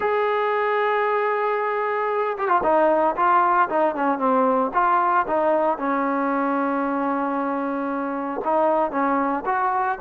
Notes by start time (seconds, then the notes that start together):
0.00 G#4
2.38 G4
2.48 F4
2.63 D#4
3.16 F4
3.69 D#4
3.95 C#4
4.18 C4
4.73 F4
5.27 D#4
5.78 C#4
8.44 D#4
8.91 C#4
9.45 F#4